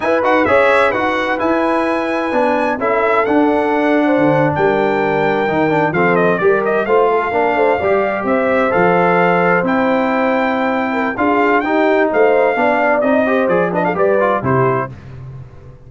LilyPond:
<<
  \new Staff \with { instrumentName = "trumpet" } { \time 4/4 \tempo 4 = 129 gis''8 fis''8 e''4 fis''4 gis''4~ | gis''2 e''4 fis''4~ | fis''4.~ fis''16 g''2~ g''16~ | g''8. f''8 dis''8 d''8 dis''8 f''4~ f''16~ |
f''4.~ f''16 e''4 f''4~ f''16~ | f''8. g''2.~ g''16 | f''4 g''4 f''2 | dis''4 d''8 dis''16 f''16 d''4 c''4 | }
  \new Staff \with { instrumentName = "horn" } { \time 4/4 b'4 cis''4 b'2~ | b'2 a'2~ | a'8. c''4 ais'2~ ais'16~ | ais'8. a'4 ais'4 c''8 a'8 ais'16~ |
ais'16 c''8 d''4 c''2~ c''16~ | c''2.~ c''8 ais'8 | gis'4 g'4 c''4 d''4~ | d''8 c''4 b'16 a'16 b'4 g'4 | }
  \new Staff \with { instrumentName = "trombone" } { \time 4/4 e'8 fis'8 gis'4 fis'4 e'4~ | e'4 d'4 e'4 d'4~ | d'2.~ d'8. dis'16~ | dis'16 d'8 c'4 g'4 f'4 d'16~ |
d'8. g'2 a'4~ a'16~ | a'8. e'2.~ e'16 | f'4 dis'2 d'4 | dis'8 g'8 gis'8 d'8 g'8 f'8 e'4 | }
  \new Staff \with { instrumentName = "tuba" } { \time 4/4 e'8 dis'8 cis'4 dis'4 e'4~ | e'4 b4 cis'4 d'4~ | d'4 d8. g2 dis16~ | dis8. f4 g4 a4 ais16~ |
ais16 a8 g4 c'4 f4~ f16~ | f8. c'2.~ c'16 | d'4 dis'4 a4 b4 | c'4 f4 g4 c4 | }
>>